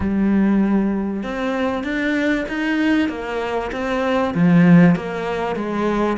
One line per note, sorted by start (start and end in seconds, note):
0.00 1.23 G3
1.23 1.83 C4
1.83 2.45 D4
2.48 3.08 D#4
3.08 3.70 A#3
3.72 4.34 C4
4.34 4.95 F3
4.95 5.55 A#3
5.55 6.17 G#3